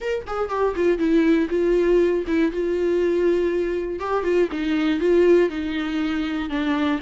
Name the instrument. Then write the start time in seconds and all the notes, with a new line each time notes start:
viola
0.00 A#4
0.26 G#4
0.49 G4
0.75 F4
0.98 E4
1.49 F4
2.27 E4
2.51 F4
3.99 G4
4.23 F4
4.51 D#4
5.00 F4
5.49 D#4
6.49 D4